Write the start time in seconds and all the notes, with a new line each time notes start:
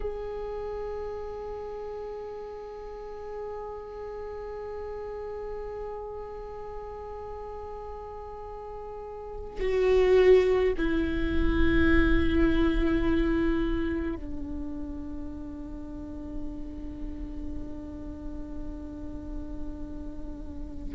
0.00 G#4
9.60 F#4
10.77 E4
14.16 D4